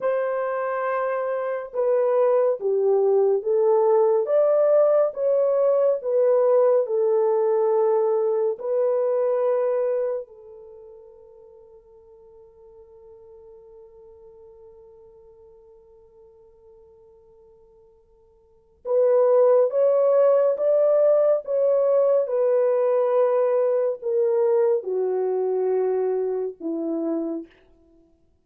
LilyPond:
\new Staff \with { instrumentName = "horn" } { \time 4/4 \tempo 4 = 70 c''2 b'4 g'4 | a'4 d''4 cis''4 b'4 | a'2 b'2 | a'1~ |
a'1~ | a'2 b'4 cis''4 | d''4 cis''4 b'2 | ais'4 fis'2 e'4 | }